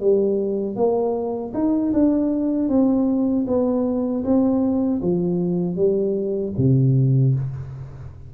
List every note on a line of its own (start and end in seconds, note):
0.00 0.76 G3
0.76 1.52 A#3
1.53 1.92 D#4
1.93 2.69 D4
2.69 3.45 C4
3.47 4.24 B3
4.24 5.01 C4
5.02 5.76 F3
5.76 6.52 G3
6.57 7.34 C3